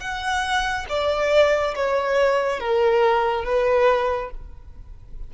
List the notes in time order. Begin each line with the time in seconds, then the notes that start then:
0.00 F#5
0.89 D5
1.75 C#5
2.59 A#4
3.44 B4